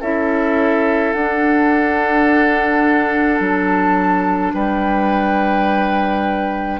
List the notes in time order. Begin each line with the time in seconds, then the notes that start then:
0.00 C#4 E4 A4 E5
1.12 D4 F#5
3.40 F#3 A5
4.54 G3 B4 G5